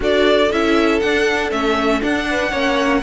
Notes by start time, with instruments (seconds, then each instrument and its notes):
0.00 cello D4, viola F#4, violin A4 D5
0.51 cello C#4, viola E4, violin E5
1.00 cello D4, viola D4, violin F#5
1.51 cello A3, viola C#4, violin E5
2.01 viola D4, cello D4, violin F#5
2.30 violin B4
2.51 cello A#3, viola C#4, violin C#5